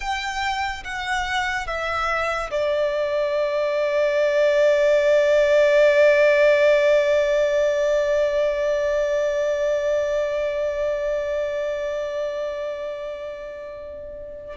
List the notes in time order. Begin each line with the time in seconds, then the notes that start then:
0.00 G5
0.83 F#5
1.67 E5
2.50 D5